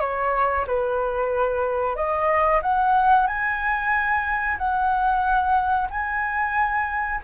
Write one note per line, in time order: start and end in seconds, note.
0.00 0.65 C#5
0.67 1.96 B4
1.96 2.61 D#5
2.62 3.27 F#5
3.27 4.57 G#5
4.57 5.88 F#5
5.90 7.21 G#5